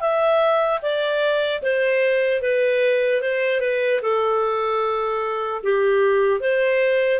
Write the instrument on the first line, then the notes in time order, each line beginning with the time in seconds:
clarinet
0.00 E5
0.82 D5
1.62 C5
2.41 B4
3.21 C5
3.60 B4
4.02 A4
5.63 G4
6.40 C5